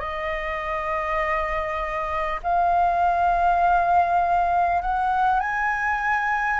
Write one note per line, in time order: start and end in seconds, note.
0.00 2.40 D#5
2.43 4.82 F5
4.82 5.40 F#5
5.40 6.60 G#5